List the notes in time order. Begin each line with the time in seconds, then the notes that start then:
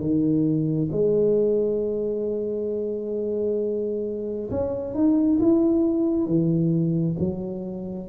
0.00 D#3
0.92 G#3
4.51 C#4
4.95 D#4
5.40 E4
6.27 E3
7.20 F#3